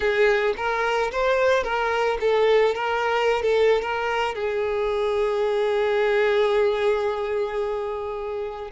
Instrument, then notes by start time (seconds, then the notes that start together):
violin
0.00 G#4
0.56 A#4
1.11 C5
1.63 A#4
2.20 A4
2.74 A#4
3.42 A4
3.81 A#4
4.35 G#4